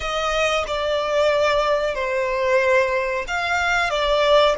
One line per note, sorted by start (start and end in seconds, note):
0.00 0.64 D#5
0.67 1.94 D5
1.94 3.25 C5
3.27 3.90 F5
3.90 4.55 D5